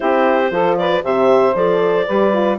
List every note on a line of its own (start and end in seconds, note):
0.00 0.50 C4
0.00 0.50 E4
0.00 0.51 G4
0.00 0.77 C5
0.50 1.02 F3
0.50 1.03 F4
0.50 0.77 A4
0.77 1.03 B4
0.77 1.03 D5
1.03 1.54 C3
1.03 1.55 G4
1.03 2.06 C5
1.03 1.55 E5
1.54 2.06 F3
1.54 2.08 A4
1.54 2.59 D5
2.06 2.59 G3
2.06 2.33 G4
2.06 2.57 B4
2.33 2.59 F4